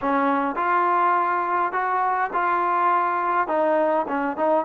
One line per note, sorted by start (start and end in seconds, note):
0.01 0.55 C#4
0.55 1.72 F4
1.72 2.30 F#4
2.33 3.47 F4
3.47 4.05 D#4
4.08 4.37 C#4
4.37 4.65 D#4